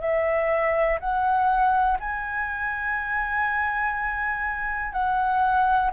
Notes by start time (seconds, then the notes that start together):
0.00 E5
1.00 F#5
1.99 G#5
4.92 F#5